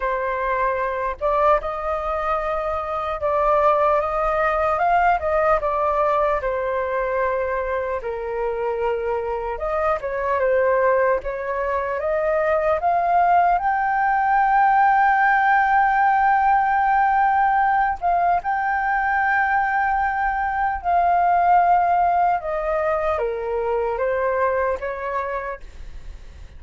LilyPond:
\new Staff \with { instrumentName = "flute" } { \time 4/4 \tempo 4 = 75 c''4. d''8 dis''2 | d''4 dis''4 f''8 dis''8 d''4 | c''2 ais'2 | dis''8 cis''8 c''4 cis''4 dis''4 |
f''4 g''2.~ | g''2~ g''8 f''8 g''4~ | g''2 f''2 | dis''4 ais'4 c''4 cis''4 | }